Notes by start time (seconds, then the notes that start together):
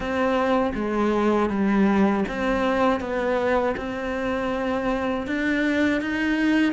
0.00 C4
0.74 G#3
1.49 G3
2.28 C4
3.00 B3
3.77 C4
5.26 D4
6.01 D#4